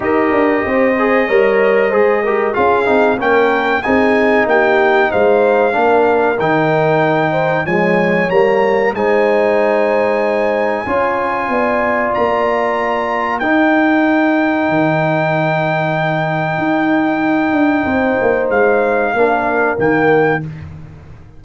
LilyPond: <<
  \new Staff \with { instrumentName = "trumpet" } { \time 4/4 \tempo 4 = 94 dis''1 | f''4 g''4 gis''4 g''4 | f''2 g''2 | gis''4 ais''4 gis''2~ |
gis''2. ais''4~ | ais''4 g''2.~ | g''1~ | g''4 f''2 g''4 | }
  \new Staff \with { instrumentName = "horn" } { \time 4/4 ais'4 c''4 cis''4 c''8 ais'8 | gis'4 ais'4 gis'4 g'4 | c''4 ais'2~ ais'8 c''8 | cis''2 c''2~ |
c''4 cis''4 d''2~ | d''4 ais'2.~ | ais'1 | c''2 ais'2 | }
  \new Staff \with { instrumentName = "trombone" } { \time 4/4 g'4. gis'8 ais'4 gis'8 g'8 | f'8 dis'8 cis'4 dis'2~ | dis'4 d'4 dis'2 | gis4 ais4 dis'2~ |
dis'4 f'2.~ | f'4 dis'2.~ | dis'1~ | dis'2 d'4 ais4 | }
  \new Staff \with { instrumentName = "tuba" } { \time 4/4 dis'8 d'8 c'4 g4 gis4 | cis'8 c'8 ais4 c'4 ais4 | gis4 ais4 dis2 | f4 g4 gis2~ |
gis4 cis'4 b4 ais4~ | ais4 dis'2 dis4~ | dis2 dis'4. d'8 | c'8 ais8 gis4 ais4 dis4 | }
>>